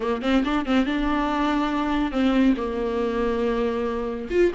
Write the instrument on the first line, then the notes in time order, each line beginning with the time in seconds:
viola
0.00 A#3
0.22 C4
0.44 D4
0.65 C4
0.86 D4
2.11 C4
2.57 A#3
4.30 F4